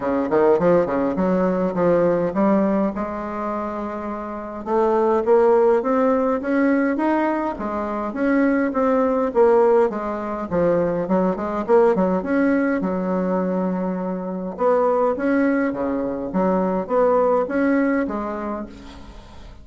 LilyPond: \new Staff \with { instrumentName = "bassoon" } { \time 4/4 \tempo 4 = 103 cis8 dis8 f8 cis8 fis4 f4 | g4 gis2. | a4 ais4 c'4 cis'4 | dis'4 gis4 cis'4 c'4 |
ais4 gis4 f4 fis8 gis8 | ais8 fis8 cis'4 fis2~ | fis4 b4 cis'4 cis4 | fis4 b4 cis'4 gis4 | }